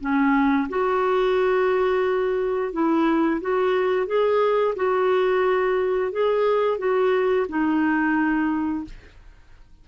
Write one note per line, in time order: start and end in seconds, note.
0.00 0.68 C#4
0.69 2.72 F#4
2.72 3.41 E4
3.41 4.06 F#4
4.06 4.74 G#4
4.76 6.11 F#4
6.11 6.78 G#4
6.78 7.47 F#4
7.48 8.85 D#4